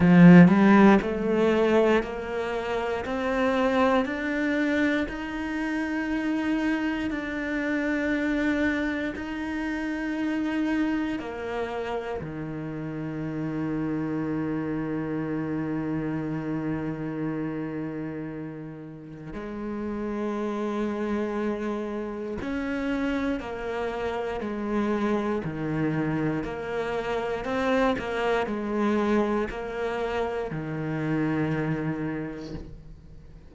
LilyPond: \new Staff \with { instrumentName = "cello" } { \time 4/4 \tempo 4 = 59 f8 g8 a4 ais4 c'4 | d'4 dis'2 d'4~ | d'4 dis'2 ais4 | dis1~ |
dis2. gis4~ | gis2 cis'4 ais4 | gis4 dis4 ais4 c'8 ais8 | gis4 ais4 dis2 | }